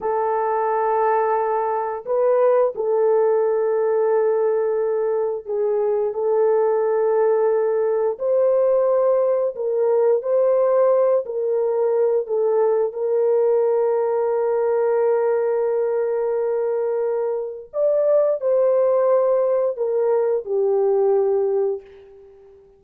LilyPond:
\new Staff \with { instrumentName = "horn" } { \time 4/4 \tempo 4 = 88 a'2. b'4 | a'1 | gis'4 a'2. | c''2 ais'4 c''4~ |
c''8 ais'4. a'4 ais'4~ | ais'1~ | ais'2 d''4 c''4~ | c''4 ais'4 g'2 | }